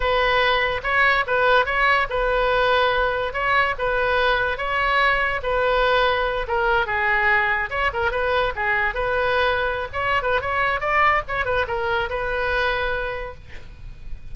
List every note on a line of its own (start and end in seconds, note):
0.00 0.81 B4
0.83 1.24 C#5
1.26 1.65 B4
1.65 2.07 C#5
2.09 3.33 B4
3.33 3.75 C#5
3.78 4.57 B4
4.57 5.40 C#5
5.42 6.46 B4
6.47 6.86 A#4
6.86 7.69 G#4
7.70 7.91 C#5
7.93 8.11 A#4
8.11 8.53 B4
8.55 8.94 G#4
8.94 9.88 B4
9.92 10.22 C#5
10.22 10.41 B4
10.41 10.80 C#5
10.80 11.22 D5
11.28 11.45 C#5
11.45 11.66 B4
11.67 12.09 A#4
12.09 13.34 B4